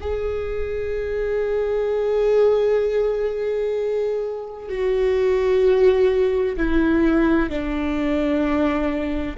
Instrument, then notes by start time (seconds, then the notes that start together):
viola
0.00 G#4
4.69 F#4
6.57 E4
7.49 D4